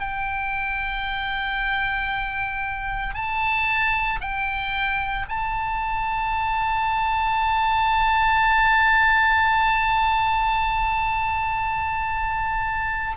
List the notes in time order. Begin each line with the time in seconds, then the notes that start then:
0.00 G5
3.14 A5
4.21 G5
5.29 A5